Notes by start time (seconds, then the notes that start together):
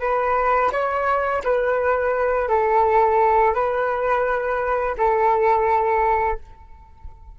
0.00 B4
0.72 C#5
1.44 B4
2.48 A4
3.54 B4
4.98 A4